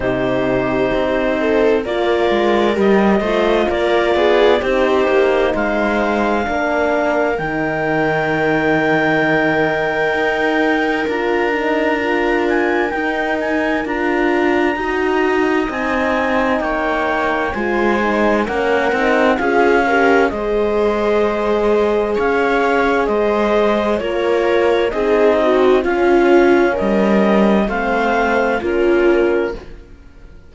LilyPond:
<<
  \new Staff \with { instrumentName = "clarinet" } { \time 4/4 \tempo 4 = 65 c''2 d''4 dis''4 | d''4 c''4 f''2 | g''1 | ais''4. gis''8 g''8 gis''8 ais''4~ |
ais''4 gis''4 g''4 gis''4 | fis''4 f''4 dis''2 | f''4 dis''4 cis''4 dis''4 | f''4 dis''4 f''4 ais'4 | }
  \new Staff \with { instrumentName = "viola" } { \time 4/4 g'4. a'8 ais'4. c''8 | ais'8 gis'8 g'4 c''4 ais'4~ | ais'1~ | ais'1 |
dis''2 cis''4 c''4 | ais'4 gis'8 ais'8 c''2 | cis''4 c''4 ais'4 gis'8 fis'8 | f'4 ais'4 c''4 f'4 | }
  \new Staff \with { instrumentName = "horn" } { \time 4/4 dis'2 f'4 g'8 f'8~ | f'4 dis'2 d'4 | dis'1 | f'8 dis'8 f'4 dis'4 f'4 |
fis'4 dis'2 f'8 dis'8 | cis'8 dis'8 f'8 g'8 gis'2~ | gis'2 f'4 dis'4 | cis'2 c'4 cis'4 | }
  \new Staff \with { instrumentName = "cello" } { \time 4/4 c4 c'4 ais8 gis8 g8 a8 | ais8 b8 c'8 ais8 gis4 ais4 | dis2. dis'4 | d'2 dis'4 d'4 |
dis'4 c'4 ais4 gis4 | ais8 c'8 cis'4 gis2 | cis'4 gis4 ais4 c'4 | cis'4 g4 a4 ais4 | }
>>